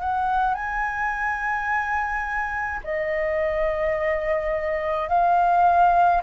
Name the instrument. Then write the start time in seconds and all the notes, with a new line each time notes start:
flute
0.00 F#5
0.54 G#5
2.84 D#5
5.08 F5